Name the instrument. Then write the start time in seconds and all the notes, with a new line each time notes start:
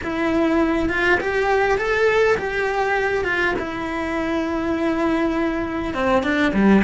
cello
0.03 E4
0.89 F4
1.20 G4
1.77 A4
2.37 G4
3.24 F4
3.58 E4
5.94 C4
6.23 D4
6.53 G3